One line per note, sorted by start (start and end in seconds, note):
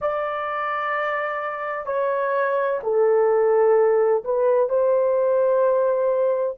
0.01 1.86 D5
1.86 2.80 C#5
2.83 4.24 A4
4.24 4.69 B4
4.69 6.56 C5